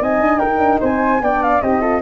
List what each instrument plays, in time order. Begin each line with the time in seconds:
0.00 tuba C4, horn D#4, flute D#5 G#5
0.20 tuba D4
0.38 tuba D#4, flute A#4 G5
0.58 tuba D4
0.80 tuba C4, flute C5 G#5
1.21 tuba B3, horn D4, flute D5 G5
1.42 flute F5
1.61 tuba C4, horn D#4, flute G4 D#5
1.80 horn F4, flute A4